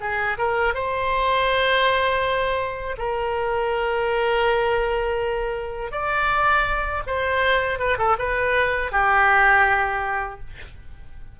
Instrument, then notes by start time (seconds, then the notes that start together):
oboe
0.00 G#4
0.37 A#4
0.74 C5
2.97 A#4
5.91 D5
7.06 C5
7.78 B4
7.98 A4
8.18 B4
8.91 G4